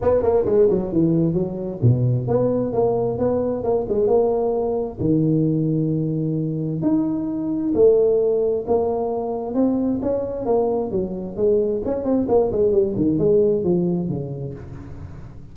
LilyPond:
\new Staff \with { instrumentName = "tuba" } { \time 4/4 \tempo 4 = 132 b8 ais8 gis8 fis8 e4 fis4 | b,4 b4 ais4 b4 | ais8 gis8 ais2 dis4~ | dis2. dis'4~ |
dis'4 a2 ais4~ | ais4 c'4 cis'4 ais4 | fis4 gis4 cis'8 c'8 ais8 gis8 | g8 dis8 gis4 f4 cis4 | }